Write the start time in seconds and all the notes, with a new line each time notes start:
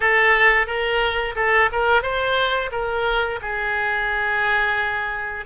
0.00 A4
0.66 A#4
1.35 A4
1.72 A#4
2.02 C5
2.71 A#4
3.41 G#4